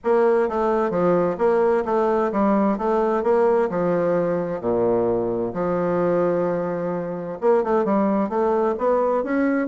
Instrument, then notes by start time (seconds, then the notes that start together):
bassoon
0.04 A#3
0.48 A3
0.90 F3
1.38 A#3
1.85 A3
2.32 G3
2.77 A3
3.23 A#3
3.69 F3
4.60 A#2
5.53 F3
7.41 A#3
7.63 A3
7.85 G3
8.29 A3
8.78 B3
9.23 C#4